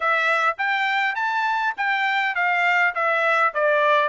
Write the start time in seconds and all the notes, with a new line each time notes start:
0.00 E5
0.57 G5
1.15 A5
1.77 G5
2.35 F5
2.94 E5
3.54 D5